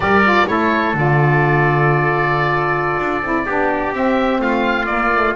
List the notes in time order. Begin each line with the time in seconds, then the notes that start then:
0.00 G3 G4 A#4 D5
0.24 F4
0.46 A3 E4 A4 C#5
0.93 D3 F4 D5
2.99 D4
3.22 C4 E4
3.46 B3 D4 G4
3.92 C4 E5
4.39 A3 F4 F5
4.85 A#3 D5
5.14 A3